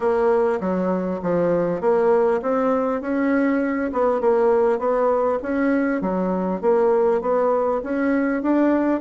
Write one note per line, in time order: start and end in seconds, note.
0.00 0.59 A#3
0.60 1.20 F#3
1.22 1.80 F3
1.80 2.40 A#3
2.42 3.01 C4
3.01 3.91 C#4
3.92 4.21 B3
4.21 4.78 A#3
4.78 5.38 B3
5.42 6.01 C#4
6.01 6.61 F#3
6.61 7.21 A#3
7.21 7.81 B3
7.83 8.42 C#4
8.42 9.01 D4